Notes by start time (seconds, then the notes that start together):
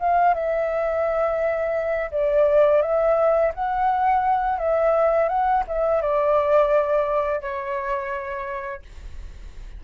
0.00 F5
0.35 E5
2.12 D5
2.82 E5
3.55 F#5
4.59 E5
5.29 F#5
5.68 E5
6.02 D5
7.41 C#5